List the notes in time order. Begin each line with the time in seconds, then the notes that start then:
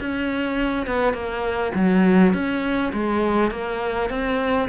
0.00 C#4
0.87 B3
1.14 A#3
1.75 F#3
2.34 C#4
2.93 G#3
3.51 A#3
4.10 C4